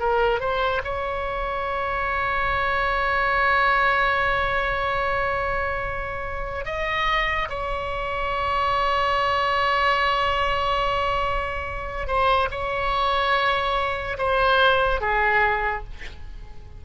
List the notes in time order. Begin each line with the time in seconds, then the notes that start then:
0.00 A#4
0.40 C5
0.84 C#5
6.65 D#5
7.50 C#5
12.08 C5
12.51 C#5
14.18 C5
15.01 G#4